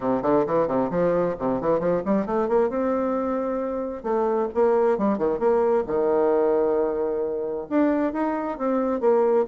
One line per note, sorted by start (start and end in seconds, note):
0.00 0.22 C3
0.22 0.45 D3
0.46 0.67 E3
0.67 0.90 C3
0.90 1.35 F3
1.38 1.61 C3
1.61 1.79 E3
1.79 2.02 F3
2.05 2.26 G3
2.26 2.48 A3
2.48 2.69 A#3
2.69 4.03 C4
4.03 4.48 A3
4.54 4.97 A#3
4.97 5.18 G3
5.18 5.39 D#3
5.39 5.84 A#3
5.86 7.67 D#3
7.69 8.12 D4
8.12 8.57 D#4
8.58 9.00 C4
9.00 9.45 A#3